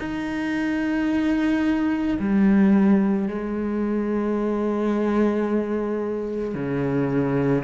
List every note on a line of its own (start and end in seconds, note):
0.00 2.18 D#4
2.20 3.28 G3
3.28 6.55 G#3
6.55 7.64 C#3